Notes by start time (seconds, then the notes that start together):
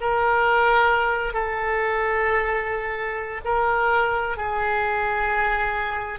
0.00 A#4
1.33 A4
3.44 A#4
4.36 G#4